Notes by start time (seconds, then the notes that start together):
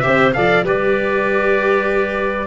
0.00 G4 C5 E5
0.07 C4
0.34 F3 A4 D5 F5
0.64 G3 G4 B4 D5